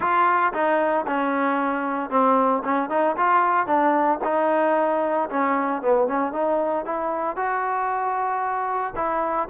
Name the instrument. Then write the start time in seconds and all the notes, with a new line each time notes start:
trombone
0.00 F4
0.53 D#4
1.06 C#4
2.10 C4
2.64 C#4
2.89 D#4
3.16 F4
3.66 D4
4.24 D#4
5.29 C#4
5.82 B3
6.07 C#4
6.32 D#4
6.85 E4
7.36 F#4
8.95 E4